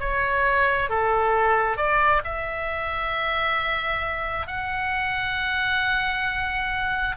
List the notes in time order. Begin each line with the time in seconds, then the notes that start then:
0.00 C#5
0.90 A4
1.77 D5
2.24 E5
4.47 F#5